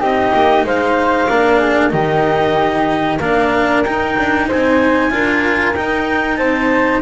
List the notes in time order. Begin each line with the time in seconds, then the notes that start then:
0.00 C4 D#4 G4 D#5
0.33 A#3
0.64 G#3 C5 F5
1.28 A#3 D4 A#4
1.58 G#4
1.90 D#3 D#4 G4 D#5
3.18 A#3 D4 A#4 F5
3.84 D#4 G5
4.18 D4
4.47 C4 C5 G#5
5.11 D4 F4 A#4
5.75 D#4 G5
6.36 C4 C5 A5